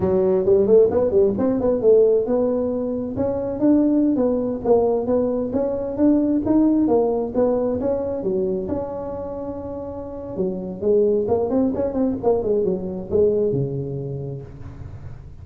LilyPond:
\new Staff \with { instrumentName = "tuba" } { \time 4/4 \tempo 4 = 133 fis4 g8 a8 b8 g8 c'8 b8 | a4 b2 cis'4 | d'4~ d'16 b4 ais4 b8.~ | b16 cis'4 d'4 dis'4 ais8.~ |
ais16 b4 cis'4 fis4 cis'8.~ | cis'2. fis4 | gis4 ais8 c'8 cis'8 c'8 ais8 gis8 | fis4 gis4 cis2 | }